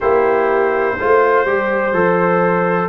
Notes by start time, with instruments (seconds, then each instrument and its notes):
0.00 tuba A#3, trombone E4, horn G4, trumpet C5
0.99 tuba A3, trombone F4, horn C5
1.45 tuba G3, trombone G4
1.93 tuba F3, trombone A4